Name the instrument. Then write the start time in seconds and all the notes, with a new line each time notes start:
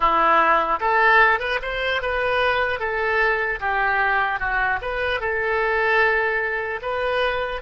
oboe
0.00 E4
0.79 A4
1.39 B4
1.62 C5
2.01 B4
2.79 A4
3.59 G4
4.39 F#4
4.81 B4
5.20 A4
6.81 B4